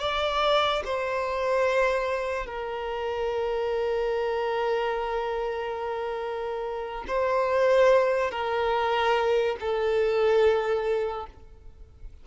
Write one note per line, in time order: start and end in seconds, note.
0.00 0.83 D5
0.85 2.46 C5
2.46 7.05 A#4
7.08 8.31 C5
8.31 9.56 A#4
9.60 11.27 A4